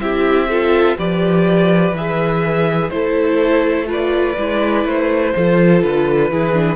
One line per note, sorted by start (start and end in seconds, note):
0.00 0.97 C4
0.00 0.49 E4
0.00 0.48 G4
0.00 0.97 E5
0.48 0.97 F4
0.48 0.97 A4
0.97 1.92 F3
0.97 1.94 G4
0.97 2.91 B4
0.97 1.95 D5
1.92 2.89 E3
1.92 2.91 G#4
1.92 2.89 E5
2.89 4.37 A3
2.89 3.86 E4
2.89 3.88 A4
2.89 3.86 C5
3.86 4.34 F4
3.86 5.33 B4
3.86 4.87 D5
4.37 4.84 G#3
4.37 5.35 E4
4.84 5.33 A3
4.84 5.82 C5
5.35 5.82 F3
5.35 6.31 F4
5.35 6.31 A4
5.82 6.30 D3
5.82 6.75 B4
6.30 6.75 E3
6.30 6.53 E4
6.30 6.75 G#4
6.53 6.75 D4